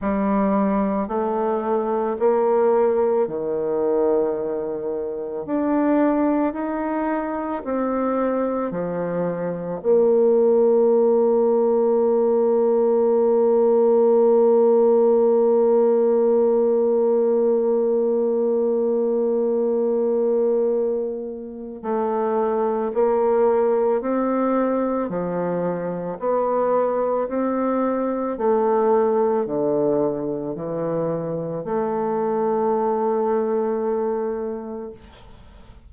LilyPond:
\new Staff \with { instrumentName = "bassoon" } { \time 4/4 \tempo 4 = 55 g4 a4 ais4 dis4~ | dis4 d'4 dis'4 c'4 | f4 ais2.~ | ais1~ |
ais1 | a4 ais4 c'4 f4 | b4 c'4 a4 d4 | e4 a2. | }